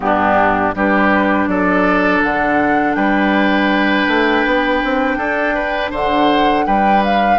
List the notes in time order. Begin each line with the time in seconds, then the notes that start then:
0.00 G2 B3 D4 G4
0.75 G3 D4 G4 B4
1.47 F#3 A4 D5
2.22 D3 F#5
2.95 G3 B4 G5
4.07 A3
4.46 B3
4.83 C4
5.17 D4 A4
5.54 B4
5.90 D3 C5 F#5
6.66 G3 B4 G5
7.04 F5